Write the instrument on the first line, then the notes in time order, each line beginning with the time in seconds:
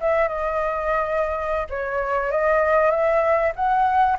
flute
0.00 E5
0.28 D#5
1.69 C#5
2.31 D#5
2.90 E5
3.55 F#5